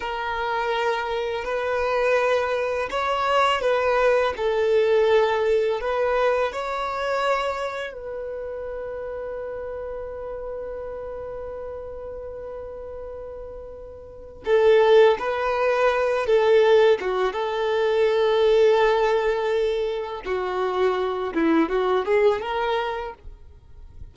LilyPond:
\new Staff \with { instrumentName = "violin" } { \time 4/4 \tempo 4 = 83 ais'2 b'2 | cis''4 b'4 a'2 | b'4 cis''2 b'4~ | b'1~ |
b'1 | a'4 b'4. a'4 fis'8 | a'1 | fis'4. e'8 fis'8 gis'8 ais'4 | }